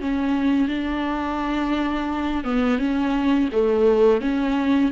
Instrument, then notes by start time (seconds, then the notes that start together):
viola
0.00 C#4
0.68 D4
2.44 B3
2.78 C#4
3.52 A3
4.21 C#4